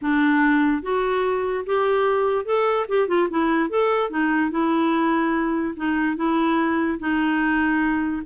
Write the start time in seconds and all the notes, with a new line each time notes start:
0.01 D4
0.82 F#4
1.66 G4
2.45 A4
2.88 G4
3.08 F4
3.30 E4
3.69 A4
4.10 D#4
4.51 E4
5.76 D#4
6.16 E4
6.99 D#4